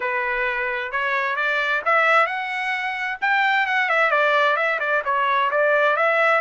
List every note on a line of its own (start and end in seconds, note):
0.00 0.91 B4
0.91 1.36 C#5
1.36 1.82 D5
1.85 2.26 E5
2.26 3.18 F#5
3.21 3.66 G5
3.66 3.89 F#5
3.89 4.10 E5
4.10 4.56 D5
4.56 4.79 E5
4.79 5.02 D5
5.04 5.50 C#5
5.50 5.96 D5
5.96 6.41 E5